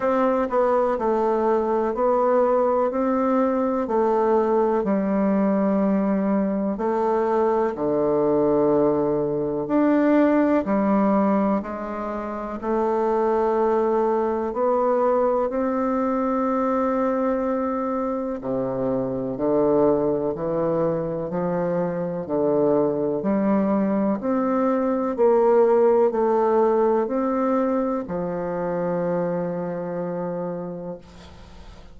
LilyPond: \new Staff \with { instrumentName = "bassoon" } { \time 4/4 \tempo 4 = 62 c'8 b8 a4 b4 c'4 | a4 g2 a4 | d2 d'4 g4 | gis4 a2 b4 |
c'2. c4 | d4 e4 f4 d4 | g4 c'4 ais4 a4 | c'4 f2. | }